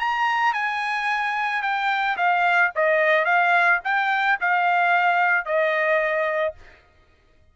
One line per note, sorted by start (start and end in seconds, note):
0.00 0.54 A#5
0.54 1.63 G#5
1.63 2.17 G5
2.17 2.72 F5
2.76 3.26 D#5
3.26 3.80 F5
3.85 4.39 G5
4.41 5.46 F5
5.46 6.55 D#5